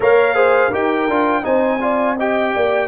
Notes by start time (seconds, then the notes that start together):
0.00 A#3 A#4 C#5 F5
0.34 G#4 C5
0.70 D#4 G4 A#4 G5
1.08 D4 F4
1.42 C4 D#4 C5 G#5
1.80 F4 D5
2.16 G4 D#5 G5
2.54 A#3 D5